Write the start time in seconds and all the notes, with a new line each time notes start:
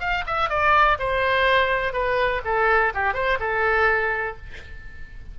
0.00 F5
0.27 E5
0.49 D5
0.99 C5
1.93 B4
2.45 A4
2.94 G4
3.14 C5
3.40 A4